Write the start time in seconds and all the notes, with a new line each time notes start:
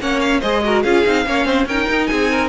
0.00 A#3 C#4 C#5 F#5
0.20 F5
0.41 G#3 G#4 C5 D#5
0.64 F#4 A#4
0.83 C#4 F4 G#4 F5
1.06 C4 D#4
1.26 A#3 C#4 C#5
1.45 C4 C5
1.66 C#4 D#4 A#4 G5
1.90 D#4
2.07 C4 G#4 G#5
2.31 A#4